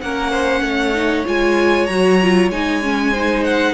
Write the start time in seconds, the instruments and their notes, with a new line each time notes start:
0.00 cello A#3, viola C#4, violin A#4 F#5
0.31 violin C5
0.61 cello A3, violin C#5
0.94 viola D#4
1.25 cello G#3, viola F4, violin G#5
1.86 cello F#3, viola F#4, violin A#5
2.22 viola F4
2.49 cello G#3, viola D#4, violin G#5
2.82 viola C#4
3.11 viola D#4, violin C5
3.43 violin F#5